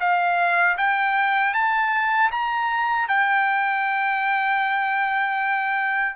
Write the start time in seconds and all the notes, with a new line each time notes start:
0.00 F5
0.78 G5
1.54 A5
2.32 A#5
3.09 G5